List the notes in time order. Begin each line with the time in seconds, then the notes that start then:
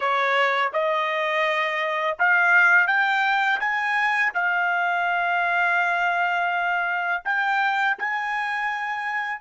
0.00 C#5
0.72 D#5
2.18 F5
2.87 G5
3.60 G#5
4.33 F5
7.25 G5
7.98 G#5